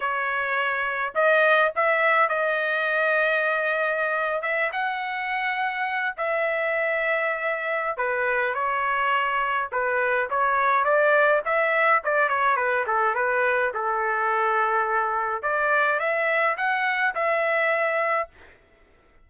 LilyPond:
\new Staff \with { instrumentName = "trumpet" } { \time 4/4 \tempo 4 = 105 cis''2 dis''4 e''4 | dis''2.~ dis''8. e''16~ | e''16 fis''2~ fis''8 e''4~ e''16~ | e''2 b'4 cis''4~ |
cis''4 b'4 cis''4 d''4 | e''4 d''8 cis''8 b'8 a'8 b'4 | a'2. d''4 | e''4 fis''4 e''2 | }